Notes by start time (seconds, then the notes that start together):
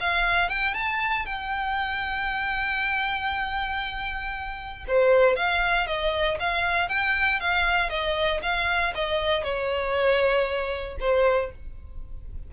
0.00 F5
0.49 G5
0.74 A5
1.26 G5
4.87 C5
5.36 F5
5.87 D#5
6.39 F5
6.88 G5
7.40 F5
7.90 D#5
8.42 F5
8.95 D#5
9.44 C#5
11.00 C5